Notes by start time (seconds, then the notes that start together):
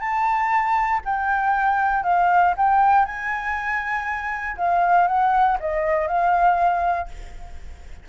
0.00 A5
1.05 G5
2.04 F5
2.57 G5
3.06 G#5
4.57 F5
5.08 F#5
5.60 D#5
6.08 F5